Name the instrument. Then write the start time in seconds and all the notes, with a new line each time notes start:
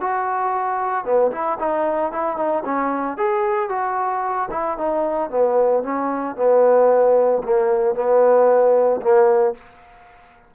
trombone
0.00 F#4
1.04 B3
1.31 E4
1.59 D#4
2.12 E4
2.37 D#4
2.65 C#4
3.17 G#4
3.69 F#4
4.51 E4
4.77 D#4
5.30 B3
5.83 C#4
6.36 B3
7.43 A#3
7.95 B3
9.01 A#3